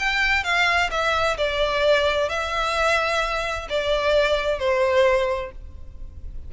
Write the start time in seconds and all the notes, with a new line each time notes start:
0.00 G5
0.44 F5
0.91 E5
1.38 D5
2.30 E5
3.70 D5
4.59 C5